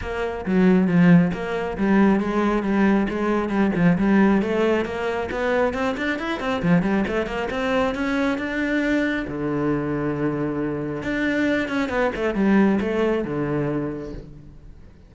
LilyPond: \new Staff \with { instrumentName = "cello" } { \time 4/4 \tempo 4 = 136 ais4 fis4 f4 ais4 | g4 gis4 g4 gis4 | g8 f8 g4 a4 ais4 | b4 c'8 d'8 e'8 c'8 f8 g8 |
a8 ais8 c'4 cis'4 d'4~ | d'4 d2.~ | d4 d'4. cis'8 b8 a8 | g4 a4 d2 | }